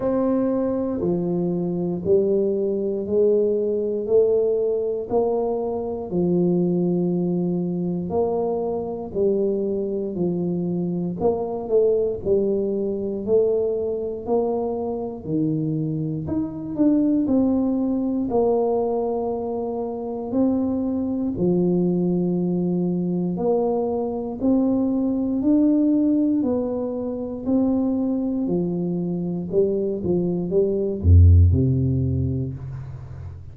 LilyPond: \new Staff \with { instrumentName = "tuba" } { \time 4/4 \tempo 4 = 59 c'4 f4 g4 gis4 | a4 ais4 f2 | ais4 g4 f4 ais8 a8 | g4 a4 ais4 dis4 |
dis'8 d'8 c'4 ais2 | c'4 f2 ais4 | c'4 d'4 b4 c'4 | f4 g8 f8 g8 f,8 c4 | }